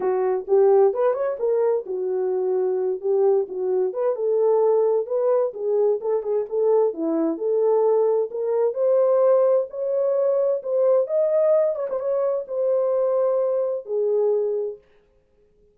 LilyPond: \new Staff \with { instrumentName = "horn" } { \time 4/4 \tempo 4 = 130 fis'4 g'4 b'8 cis''8 ais'4 | fis'2~ fis'8 g'4 fis'8~ | fis'8 b'8 a'2 b'4 | gis'4 a'8 gis'8 a'4 e'4 |
a'2 ais'4 c''4~ | c''4 cis''2 c''4 | dis''4. cis''16 c''16 cis''4 c''4~ | c''2 gis'2 | }